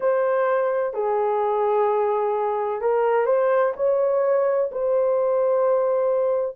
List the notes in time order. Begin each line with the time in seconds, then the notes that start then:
0.00 C5
0.93 G#4
2.81 A#4
3.26 C5
3.76 C#5
4.71 C5